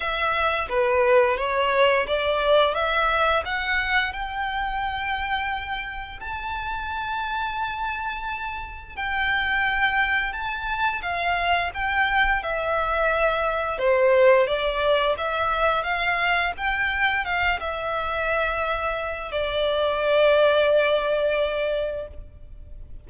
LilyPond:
\new Staff \with { instrumentName = "violin" } { \time 4/4 \tempo 4 = 87 e''4 b'4 cis''4 d''4 | e''4 fis''4 g''2~ | g''4 a''2.~ | a''4 g''2 a''4 |
f''4 g''4 e''2 | c''4 d''4 e''4 f''4 | g''4 f''8 e''2~ e''8 | d''1 | }